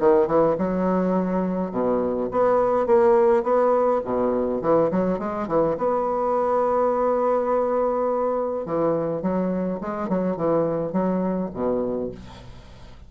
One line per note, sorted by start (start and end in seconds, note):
0.00 0.27 D#3
0.27 0.56 E3
0.58 1.71 F#3
1.71 2.29 B2
2.31 2.87 B3
2.87 3.44 A#3
3.44 4.01 B3
4.05 4.62 B2
4.62 4.91 E3
4.91 5.19 F#3
5.19 5.48 G#3
5.48 5.77 E3
5.78 8.66 B3
8.66 9.22 E3
9.22 9.80 F#3
9.81 10.09 G#3
10.09 10.37 F#3
10.37 10.92 E3
10.92 11.50 F#3
11.54 12.11 B2